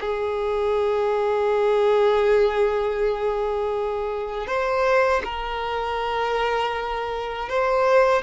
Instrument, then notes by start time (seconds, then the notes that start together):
violin
0.00 G#4
4.47 C5
5.24 A#4
7.49 C5